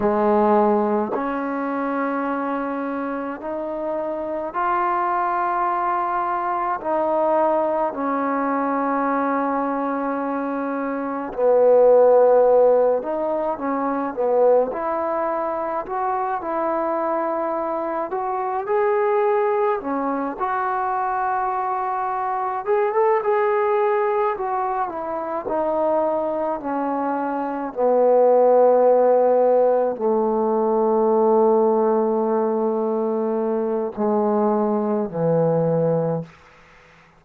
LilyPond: \new Staff \with { instrumentName = "trombone" } { \time 4/4 \tempo 4 = 53 gis4 cis'2 dis'4 | f'2 dis'4 cis'4~ | cis'2 b4. dis'8 | cis'8 b8 e'4 fis'8 e'4. |
fis'8 gis'4 cis'8 fis'2 | gis'16 a'16 gis'4 fis'8 e'8 dis'4 cis'8~ | cis'8 b2 a4.~ | a2 gis4 e4 | }